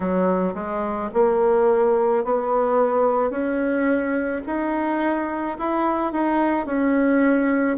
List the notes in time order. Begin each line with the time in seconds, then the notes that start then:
0.00 F#3
0.54 G#3
1.13 A#3
2.24 B3
3.30 C#4
4.46 D#4
5.58 E4
6.12 D#4
6.66 C#4